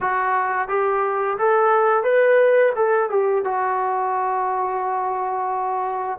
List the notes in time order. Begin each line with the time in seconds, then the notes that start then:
0.00 F#4
0.68 G4
1.38 A4
2.03 B4
2.75 A4
3.10 G4
3.44 F#4